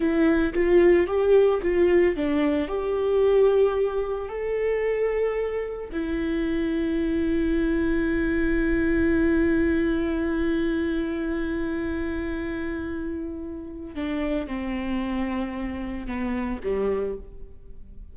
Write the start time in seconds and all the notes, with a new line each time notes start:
0.00 E4
0.53 F4
1.07 G4
1.62 F4
2.16 D4
2.68 G4
4.28 A4
5.92 E4
13.95 D4
14.46 C4
16.06 B3
16.63 G3